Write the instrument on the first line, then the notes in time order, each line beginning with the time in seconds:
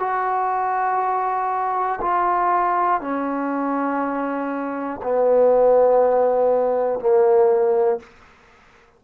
trombone
0.00 F#4
2.01 F4
3.01 C#4
5.03 B3
7.00 A#3